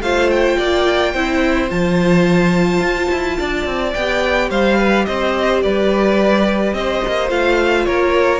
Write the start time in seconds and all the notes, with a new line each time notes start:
0.00 A3 F4 C5 F5
0.30 G5
0.57 A#3 D5
1.12 C4 E4 C5
1.69 F3 F4 A5
2.80 F4
3.11 E4
3.39 D4 D5
3.66 C4
3.93 B3 G4 G5
4.50 G3 C5 F5
4.77 B4
5.05 C4 C5 D#5
5.62 G3 B4 D5
6.73 C4 C5 D#5
7.07 A#3
7.29 A3 F4 F5
7.86 A#3 A#4 C#5